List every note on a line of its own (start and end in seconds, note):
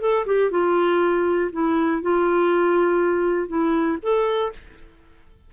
0.00 0.25 A4
0.25 0.50 G4
0.50 1.50 F4
1.52 2.01 E4
2.01 3.48 F4
3.48 3.98 E4
4.02 4.52 A4